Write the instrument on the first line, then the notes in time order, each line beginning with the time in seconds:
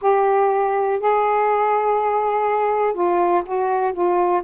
saxophone
0.01 G4
1.00 G#4
2.93 F4
3.45 F#4
3.93 F4